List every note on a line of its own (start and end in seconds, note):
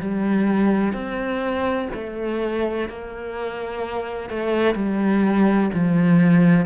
0.00 0.93 G3
0.93 1.88 C4
1.94 2.89 A3
2.89 4.30 A#3
4.30 4.75 A3
4.75 5.70 G3
5.74 6.66 F3